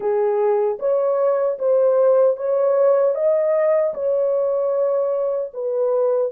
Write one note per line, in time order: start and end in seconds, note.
0.00 0.78 G#4
0.79 1.58 C#5
1.58 2.36 C5
2.36 3.14 C#5
3.14 3.93 D#5
3.93 5.51 C#5
5.53 6.32 B4